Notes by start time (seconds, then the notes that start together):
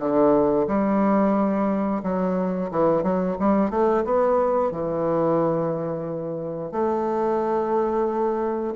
0.00 D3
0.68 G3
2.04 F#3
2.72 E3
3.03 F#3
3.40 G3
3.71 A3
4.05 B3
4.72 E3
6.72 A3